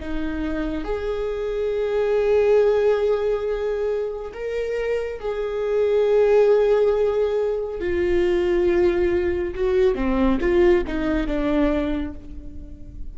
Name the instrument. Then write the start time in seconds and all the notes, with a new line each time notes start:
viola
0.00 D#4
0.85 G#4
4.34 A#4
5.20 G#4
7.80 F4
9.55 F#4
9.95 C4
10.41 F4
10.87 D#4
11.27 D4